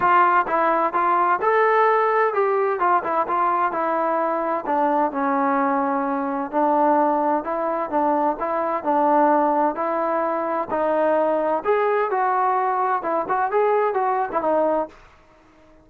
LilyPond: \new Staff \with { instrumentName = "trombone" } { \time 4/4 \tempo 4 = 129 f'4 e'4 f'4 a'4~ | a'4 g'4 f'8 e'8 f'4 | e'2 d'4 cis'4~ | cis'2 d'2 |
e'4 d'4 e'4 d'4~ | d'4 e'2 dis'4~ | dis'4 gis'4 fis'2 | e'8 fis'8 gis'4 fis'8. e'16 dis'4 | }